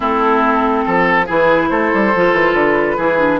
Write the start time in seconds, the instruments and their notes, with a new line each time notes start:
0.00 bassoon A3, clarinet C4, oboe E4, flute A4
0.85 bassoon F3, oboe A4
1.26 bassoon E3, clarinet E4, oboe G#4, flute B4
1.68 bassoon A3, oboe A4, flute C5
1.93 bassoon G3
2.14 bassoon F3, clarinet F4
2.33 bassoon E3
2.53 bassoon D3, flute B4
2.97 bassoon E3, clarinet E4, oboe G#4
3.19 clarinet D4